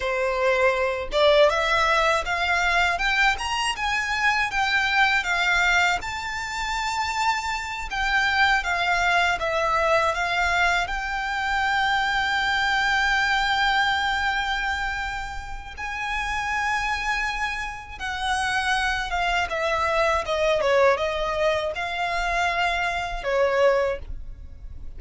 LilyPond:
\new Staff \with { instrumentName = "violin" } { \time 4/4 \tempo 4 = 80 c''4. d''8 e''4 f''4 | g''8 ais''8 gis''4 g''4 f''4 | a''2~ a''8 g''4 f''8~ | f''8 e''4 f''4 g''4.~ |
g''1~ | g''4 gis''2. | fis''4. f''8 e''4 dis''8 cis''8 | dis''4 f''2 cis''4 | }